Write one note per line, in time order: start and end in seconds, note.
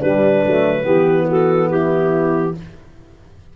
0.00 0.43 G3
0.00 0.45 G3
0.00 0.85 D4
0.00 1.28 B4
0.46 0.85 F#3
0.46 0.84 A3
0.84 2.54 E3
0.84 2.53 B3
0.84 1.27 G4
1.29 1.71 F#4
1.29 1.70 A4
1.70 2.56 E4
1.70 2.55 G4